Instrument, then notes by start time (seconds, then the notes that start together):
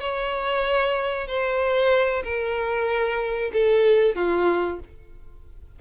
violin
0.00 C#5
1.28 C5
2.24 A#4
3.53 A4
4.16 F4